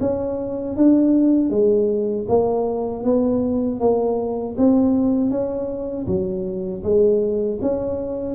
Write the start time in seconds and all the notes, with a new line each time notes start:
0.00 C#4
0.76 D4
1.50 G#3
2.28 A#3
3.04 B3
3.79 A#3
4.57 C4
5.30 C#4
6.07 F#3
6.83 G#3
7.61 C#4